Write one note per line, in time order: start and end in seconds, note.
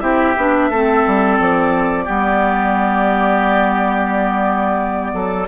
0.00 0.35 C4
0.00 0.34 E4
0.00 0.70 G4
0.00 1.36 E5
0.37 0.69 B3
0.37 0.72 D4
0.69 1.04 A3
0.69 2.05 C4
0.69 2.04 A4
1.07 1.39 G3
1.39 2.08 F3
1.39 5.48 D5
2.04 5.13 G3
2.04 5.46 B3
2.04 5.11 G4
5.13 5.47 F#3
5.13 5.48 A4